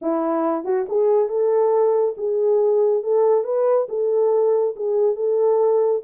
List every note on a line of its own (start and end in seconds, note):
0.01 0.64 E4
0.64 0.85 F#4
0.88 1.28 G#4
1.28 2.15 A4
2.17 3.03 G#4
3.03 3.44 A4
3.44 3.87 B4
3.88 4.75 A4
4.76 5.15 G#4
5.15 6.01 A4